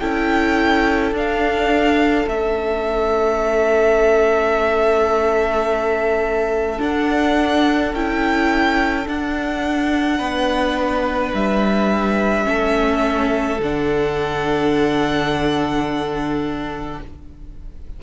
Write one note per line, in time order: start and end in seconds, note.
0.00 1.12 C#4
0.00 1.15 E4
0.00 10.18 A4
0.00 1.13 G5
1.12 2.25 D4
1.12 2.27 D4
1.12 2.29 F5
2.27 6.79 A3
2.27 6.79 C#4
2.27 6.81 E5
6.79 7.92 D4
6.79 7.93 D4
6.79 7.95 F#5
7.93 9.07 C#4
7.93 9.05 E4
7.93 9.08 G5
9.05 12.44 D4
9.05 10.19 D4
9.05 11.35 F#5
10.18 11.33 B3
10.18 12.45 B4
11.34 12.47 G3
11.34 13.61 E5
12.44 13.59 A3
12.44 13.58 C#4
12.44 17.00 A4
13.59 16.99 D3
13.59 17.03 D4
13.59 17.02 F#5